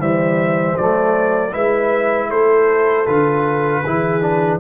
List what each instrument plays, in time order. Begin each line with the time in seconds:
0.00 tuba E3, trombone G3, horn C5, trumpet E5
0.77 tuba F#3, trombone A3, trumpet D5
1.52 tuba G#3, trombone E4, horn B4, trumpet E5
2.30 tuba A3, horn A4, trumpet C5
3.06 tuba D3, trombone F4, trumpet B4
3.85 tuba E3, trombone E4, horn G#4
4.21 trombone D4